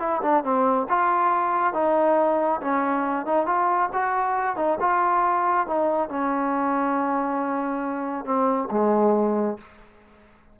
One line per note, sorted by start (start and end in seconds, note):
0.00 0.22 E4
0.23 0.44 D4
0.44 0.88 C4
0.90 1.74 F4
1.74 2.61 D#4
2.61 3.26 C#4
3.26 3.46 D#4
3.46 3.90 F4
3.93 4.57 F#4
4.57 4.78 D#4
4.81 5.67 F4
5.67 6.09 D#4
6.09 8.25 C#4
8.25 8.69 C4
8.71 9.58 G#3